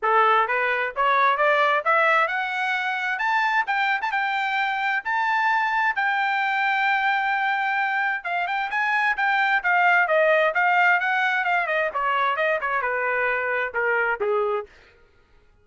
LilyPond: \new Staff \with { instrumentName = "trumpet" } { \time 4/4 \tempo 4 = 131 a'4 b'4 cis''4 d''4 | e''4 fis''2 a''4 | g''8. a''16 g''2 a''4~ | a''4 g''2.~ |
g''2 f''8 g''8 gis''4 | g''4 f''4 dis''4 f''4 | fis''4 f''8 dis''8 cis''4 dis''8 cis''8 | b'2 ais'4 gis'4 | }